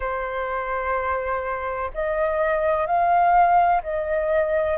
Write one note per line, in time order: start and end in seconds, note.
0.00 1.90 C5
1.94 2.86 D#5
2.86 3.81 F5
3.83 4.77 D#5